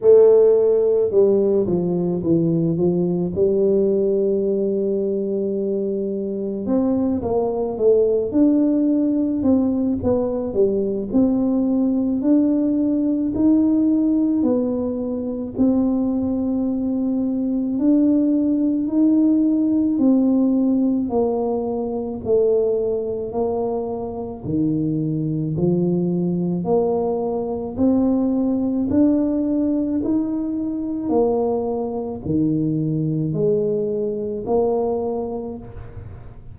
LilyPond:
\new Staff \with { instrumentName = "tuba" } { \time 4/4 \tempo 4 = 54 a4 g8 f8 e8 f8 g4~ | g2 c'8 ais8 a8 d'8~ | d'8 c'8 b8 g8 c'4 d'4 | dis'4 b4 c'2 |
d'4 dis'4 c'4 ais4 | a4 ais4 dis4 f4 | ais4 c'4 d'4 dis'4 | ais4 dis4 gis4 ais4 | }